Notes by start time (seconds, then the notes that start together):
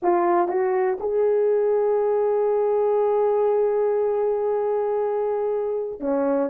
0.02 F4
0.47 F#4
1.00 G#4
6.00 C#4